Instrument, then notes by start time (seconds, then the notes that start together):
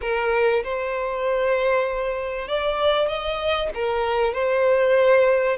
violin
0.01 A#4
0.63 C5
2.47 D5
3.08 D#5
3.74 A#4
4.33 C5